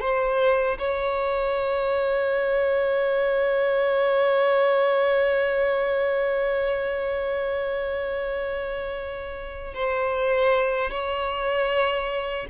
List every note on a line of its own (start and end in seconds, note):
0.00 0.78 C5
0.78 9.74 C#5
9.74 10.91 C5
10.91 12.46 C#5